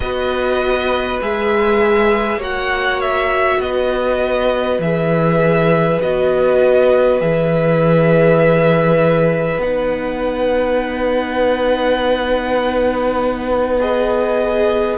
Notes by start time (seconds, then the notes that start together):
0.00 B3 F#4 B4 D#5
1.21 G#3 G#4 E5
2.37 A#3 F#4 C#5 F#5
3.01 E5
3.59 B3 B4 D#5
4.78 E3 G#4 E5
6.01 B3 F#4 D#5
7.20 E3 G#4 E5
9.58 B3 D#4 F#5
13.80 G#4 D#5